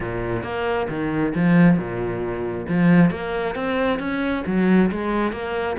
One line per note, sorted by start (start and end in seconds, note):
0.00 0.43 A#2
0.43 0.87 A#3
0.89 1.33 D#3
1.34 1.78 F3
1.78 2.66 A#2
2.67 3.10 F3
3.10 3.55 A#3
3.55 3.99 C4
3.99 4.43 C#4
4.46 4.91 F#3
4.91 5.32 G#3
5.32 5.76 A#3